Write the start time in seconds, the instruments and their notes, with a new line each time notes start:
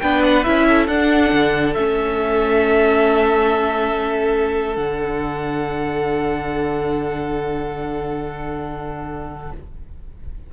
0.00 cello B3, viola D4, violin B4 G5
0.24 violin F#5
0.44 cello C#4, viola E4, violin E5
0.68 violin A4
0.87 cello D4, viola D4, violin F#5
1.32 cello D3
1.74 cello A3, viola C#4, violin E5
4.76 cello D3, viola D4, violin F#5